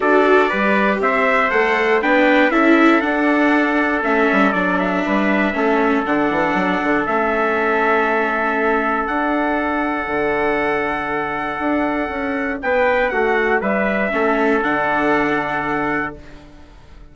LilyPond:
<<
  \new Staff \with { instrumentName = "trumpet" } { \time 4/4 \tempo 4 = 119 d''2 e''4 fis''4 | g''4 e''4 fis''2 | e''4 d''8 e''2~ e''8 | fis''2 e''2~ |
e''2 fis''2~ | fis''1~ | fis''4 g''4 fis''4 e''4~ | e''4 fis''2. | }
  \new Staff \with { instrumentName = "trumpet" } { \time 4/4 a'4 b'4 c''2 | b'4 a'2.~ | a'2 b'4 a'4~ | a'1~ |
a'1~ | a'1~ | a'4 b'4 fis'4 b'4 | a'1 | }
  \new Staff \with { instrumentName = "viola" } { \time 4/4 fis'4 g'2 a'4 | d'4 e'4 d'2 | cis'4 d'2 cis'4 | d'2 cis'2~ |
cis'2 d'2~ | d'1~ | d'1 | cis'4 d'2. | }
  \new Staff \with { instrumentName = "bassoon" } { \time 4/4 d'4 g4 c'4 a4 | b4 cis'4 d'2 | a8 g8 fis4 g4 a4 | d8 e8 fis8 d8 a2~ |
a2 d'2 | d2. d'4 | cis'4 b4 a4 g4 | a4 d2. | }
>>